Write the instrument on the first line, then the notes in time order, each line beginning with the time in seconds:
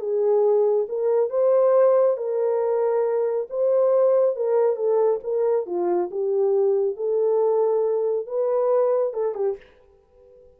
horn
0.00 G#4
0.89 A#4
1.30 C5
2.17 A#4
3.50 C5
4.36 A#4
4.76 A4
5.24 A#4
5.66 F4
6.11 G4
6.97 A4
8.27 B4
9.14 A4
9.35 G4